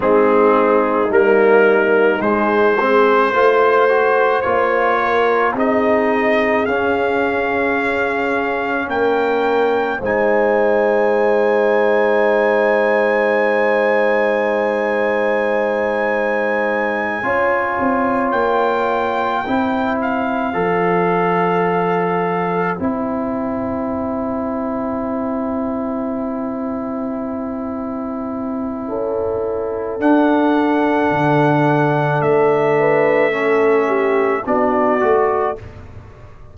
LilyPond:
<<
  \new Staff \with { instrumentName = "trumpet" } { \time 4/4 \tempo 4 = 54 gis'4 ais'4 c''2 | cis''4 dis''4 f''2 | g''4 gis''2.~ | gis''1~ |
gis''8 g''4. f''2~ | f''8 g''2.~ g''8~ | g''2. fis''4~ | fis''4 e''2 d''4 | }
  \new Staff \with { instrumentName = "horn" } { \time 4/4 dis'2~ dis'8 gis'8 c''4~ | c''8 ais'8 gis'2. | ais'4 c''2.~ | c''2.~ c''8 cis''8~ |
cis''4. c''2~ c''8~ | c''1~ | c''2 a'2~ | a'4. b'8 a'8 g'8 fis'4 | }
  \new Staff \with { instrumentName = "trombone" } { \time 4/4 c'4 ais4 gis8 c'8 f'8 fis'8 | f'4 dis'4 cis'2~ | cis'4 dis'2.~ | dis'2.~ dis'8 f'8~ |
f'4. e'4 a'4.~ | a'8 e'2.~ e'8~ | e'2. d'4~ | d'2 cis'4 d'8 fis'8 | }
  \new Staff \with { instrumentName = "tuba" } { \time 4/4 gis4 g4 gis4 a4 | ais4 c'4 cis'2 | ais4 gis2.~ | gis2.~ gis8 cis'8 |
c'8 ais4 c'4 f4.~ | f8 c'2.~ c'8~ | c'2 cis'4 d'4 | d4 a2 b8 a8 | }
>>